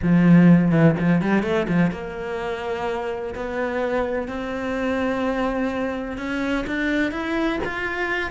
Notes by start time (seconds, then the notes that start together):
0.02 F3
0.71 E3
0.99 F3
1.21 G3
1.42 A3
1.68 F3
1.91 A#3
3.34 B3
4.27 C4
6.17 C#4
6.67 D4
7.11 E4
7.64 F4